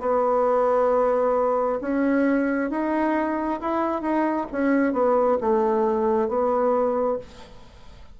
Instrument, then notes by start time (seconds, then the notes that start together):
bassoon
0.00 B3
1.81 C#4
2.70 D#4
3.61 E4
4.02 D#4
4.52 C#4
4.93 B3
5.41 A3
6.28 B3